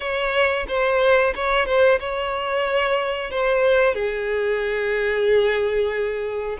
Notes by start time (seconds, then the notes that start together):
0.00 C#5
0.67 C5
1.35 C#5
1.66 C5
1.99 C#5
3.30 C5
3.94 G#4